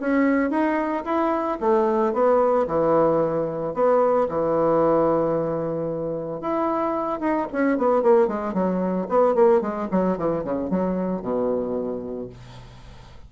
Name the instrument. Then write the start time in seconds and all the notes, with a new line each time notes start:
bassoon
0.00 C#4
0.50 D#4
1.05 E4
1.61 A3
2.13 B3
2.67 E3
3.74 B3
4.29 E3
6.41 E4
7.20 D#4
7.52 C#4
7.78 B3
8.02 A#3
8.28 G#3
8.53 F#3
9.09 B3
9.35 A#3
9.61 G#3
9.91 F#3
10.18 E3
10.44 C#3
10.70 F#3
11.22 B2